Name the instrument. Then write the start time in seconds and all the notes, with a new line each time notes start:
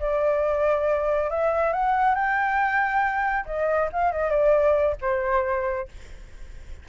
flute
0.00 D5
1.30 E5
1.73 F#5
2.15 G5
3.46 D#5
3.93 F5
4.12 D#5
4.30 D5
5.02 C5